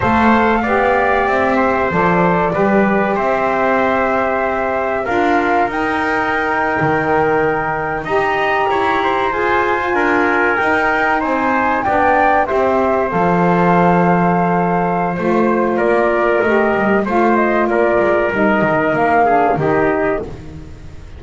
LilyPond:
<<
  \new Staff \with { instrumentName = "flute" } { \time 4/4 \tempo 4 = 95 f''2 e''4 d''4~ | d''4 e''2. | f''4 g''2.~ | g''8. ais''2 gis''4~ gis''16~ |
gis''8. g''4 gis''4 g''4 e''16~ | e''8. f''2.~ f''16 | c''4 d''4 dis''4 f''8 dis''8 | d''4 dis''4 f''4 dis''4 | }
  \new Staff \with { instrumentName = "trumpet" } { \time 4/4 c''4 d''4. c''4. | b'4 c''2. | ais'1~ | ais'8. dis''4 cis''8 c''4. ais'16~ |
ais'4.~ ais'16 c''4 d''4 c''16~ | c''1~ | c''4 ais'2 c''4 | ais'2~ ais'8 gis'8 g'4 | }
  \new Staff \with { instrumentName = "saxophone" } { \time 4/4 a'4 g'2 a'4 | g'1 | f'4 dis'2.~ | dis'8. g'2 gis'8. f'8~ |
f'8. dis'2 d'4 g'16~ | g'8. a'2.~ a'16 | f'2 g'4 f'4~ | f'4 dis'4. d'8 dis'4 | }
  \new Staff \with { instrumentName = "double bass" } { \time 4/4 a4 b4 c'4 f4 | g4 c'2. | d'4 dis'4.~ dis'16 dis4~ dis16~ | dis8. dis'4 e'4 f'4 d'16~ |
d'8. dis'4 c'4 b4 c'16~ | c'8. f2.~ f16 | a4 ais4 a8 g8 a4 | ais8 gis8 g8 dis8 ais4 dis4 | }
>>